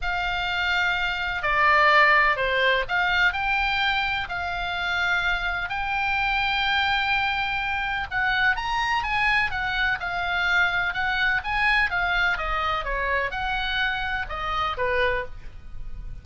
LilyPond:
\new Staff \with { instrumentName = "oboe" } { \time 4/4 \tempo 4 = 126 f''2. d''4~ | d''4 c''4 f''4 g''4~ | g''4 f''2. | g''1~ |
g''4 fis''4 ais''4 gis''4 | fis''4 f''2 fis''4 | gis''4 f''4 dis''4 cis''4 | fis''2 dis''4 b'4 | }